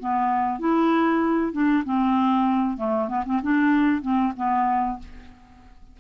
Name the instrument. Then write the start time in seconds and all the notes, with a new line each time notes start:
clarinet
0.00 B3
0.60 E4
1.53 D4
1.85 C4
2.78 A3
3.09 B3
3.26 C4
3.43 D4
4.02 C4
4.37 B3